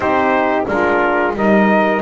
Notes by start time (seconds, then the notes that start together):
0.00 C4 D#4 G4 C5
0.66 G#3 D4 F4 A#4
1.33 G3 D#4 A#4 D#5